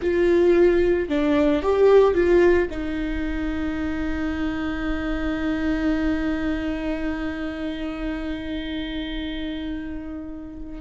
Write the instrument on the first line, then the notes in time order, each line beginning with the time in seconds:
viola
0.01 F4
1.08 D4
1.62 G4
2.14 F4
2.70 D#4